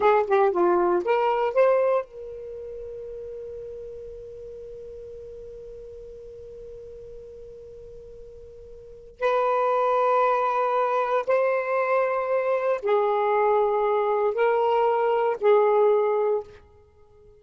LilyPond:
\new Staff \with { instrumentName = "saxophone" } { \time 4/4 \tempo 4 = 117 gis'8 g'8 f'4 ais'4 c''4 | ais'1~ | ais'1~ | ais'1~ |
ais'2 b'2~ | b'2 c''2~ | c''4 gis'2. | ais'2 gis'2 | }